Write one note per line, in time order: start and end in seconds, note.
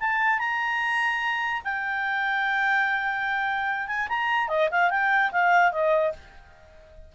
0.00 0.39 A5
0.39 1.62 A#5
1.64 3.87 G5
3.87 4.08 G#5
4.09 4.48 A#5
4.48 4.69 D#5
4.71 4.90 F5
4.90 5.31 G5
5.32 5.72 F5
5.72 6.13 D#5